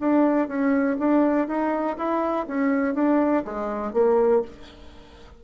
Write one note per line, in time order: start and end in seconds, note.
0.00 0.48 D4
0.48 0.97 C#4
0.99 1.48 D4
1.48 1.97 D#4
1.98 2.47 E4
2.48 2.95 C#4
2.95 3.44 D4
3.45 3.94 G#3
3.94 4.43 A#3